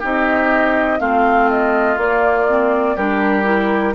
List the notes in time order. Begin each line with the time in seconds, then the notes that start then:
0.00 C4 D#4 G4 D#5
0.99 A3 C4 F4 F5
1.50 D#5
1.97 A#3 D5
2.49 C4
2.96 G3 D4 G4 A#4
3.44 E4